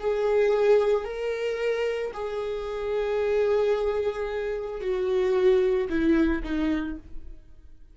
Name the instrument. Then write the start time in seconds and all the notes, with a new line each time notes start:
viola
0.00 G#4
1.05 A#4
2.14 G#4
4.81 F#4
5.90 E4
6.44 D#4